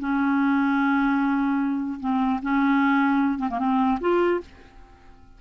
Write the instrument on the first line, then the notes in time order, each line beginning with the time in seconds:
clarinet
0.00 C#4
2.00 C4
2.43 C#4
3.39 C4
3.50 A#3
3.59 C4
4.01 F4